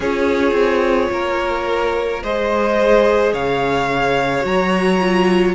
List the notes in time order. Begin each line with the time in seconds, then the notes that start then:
0.00 C#4 F4 G#4 C#5
0.52 C4
1.11 A#3 A#4
2.22 G#3 G#4 C5 D#5
3.32 C#3 C#5 F5
4.41 F#3 F#4 A#5
5.00 F4